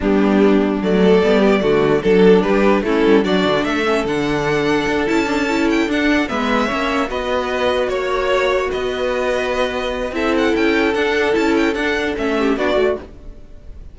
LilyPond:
<<
  \new Staff \with { instrumentName = "violin" } { \time 4/4 \tempo 4 = 148 g'2 d''2~ | d''4 a'4 b'4 a'4 | d''4 e''4 fis''2~ | fis''8 a''4. g''8 fis''4 e''8~ |
e''4. dis''2 cis''8~ | cis''4. dis''2~ dis''8~ | dis''4 e''8 fis''8 g''4 fis''4 | a''8 g''8 fis''4 e''4 d''4 | }
  \new Staff \with { instrumentName = "violin" } { \time 4/4 d'2~ d'8 a'4 g'8 | fis'4 a'4 g'4 e'4 | fis'4 a'2.~ | a'2.~ a'8 b'8~ |
b'8 cis''4 b'2 cis''8~ | cis''4. b'2~ b'8~ | b'4 a'2.~ | a'2~ a'8 g'8 fis'4 | }
  \new Staff \with { instrumentName = "viola" } { \time 4/4 b2 a4 b4 | a4 d'2 cis'4 | d'4. cis'8 d'2~ | d'8 e'8 d'8 e'4 d'4 b8~ |
b8 cis'4 fis'2~ fis'8~ | fis'1~ | fis'4 e'2 d'4 | e'4 d'4 cis'4 d'8 fis'8 | }
  \new Staff \with { instrumentName = "cello" } { \time 4/4 g2 fis4 g4 | d4 fis4 g4 a8 g8 | fis8 d8 a4 d2 | d'8 cis'2 d'4 gis8~ |
gis8 ais4 b2 ais8~ | ais4. b2~ b8~ | b4 c'4 cis'4 d'4 | cis'4 d'4 a4 b8 a8 | }
>>